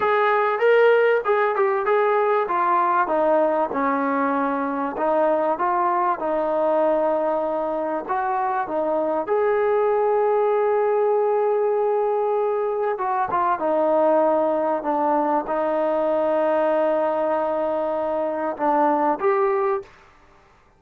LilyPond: \new Staff \with { instrumentName = "trombone" } { \time 4/4 \tempo 4 = 97 gis'4 ais'4 gis'8 g'8 gis'4 | f'4 dis'4 cis'2 | dis'4 f'4 dis'2~ | dis'4 fis'4 dis'4 gis'4~ |
gis'1~ | gis'4 fis'8 f'8 dis'2 | d'4 dis'2.~ | dis'2 d'4 g'4 | }